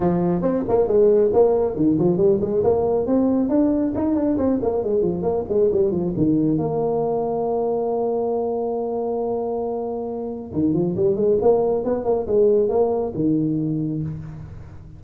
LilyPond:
\new Staff \with { instrumentName = "tuba" } { \time 4/4 \tempo 4 = 137 f4 c'8 ais8 gis4 ais4 | dis8 f8 g8 gis8 ais4 c'4 | d'4 dis'8 d'8 c'8 ais8 gis8 f8 | ais8 gis8 g8 f8 dis4 ais4~ |
ais1~ | ais1 | dis8 f8 g8 gis8 ais4 b8 ais8 | gis4 ais4 dis2 | }